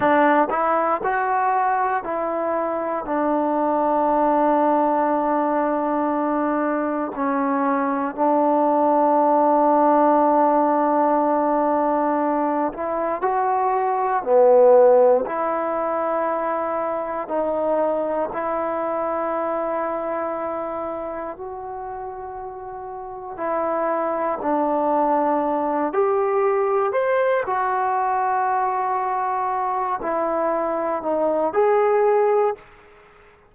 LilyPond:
\new Staff \with { instrumentName = "trombone" } { \time 4/4 \tempo 4 = 59 d'8 e'8 fis'4 e'4 d'4~ | d'2. cis'4 | d'1~ | d'8 e'8 fis'4 b4 e'4~ |
e'4 dis'4 e'2~ | e'4 fis'2 e'4 | d'4. g'4 c''8 fis'4~ | fis'4. e'4 dis'8 gis'4 | }